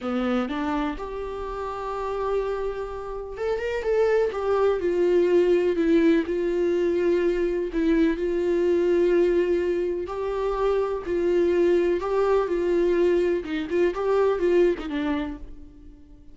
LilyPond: \new Staff \with { instrumentName = "viola" } { \time 4/4 \tempo 4 = 125 b4 d'4 g'2~ | g'2. a'8 ais'8 | a'4 g'4 f'2 | e'4 f'2. |
e'4 f'2.~ | f'4 g'2 f'4~ | f'4 g'4 f'2 | dis'8 f'8 g'4 f'8. dis'16 d'4 | }